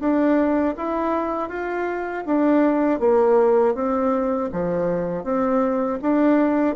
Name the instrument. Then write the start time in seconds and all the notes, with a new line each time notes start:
bassoon
0.00 D4
0.77 E4
1.49 F4
2.26 D4
3.00 A#3
3.75 C4
4.53 F3
5.24 C4
6.02 D4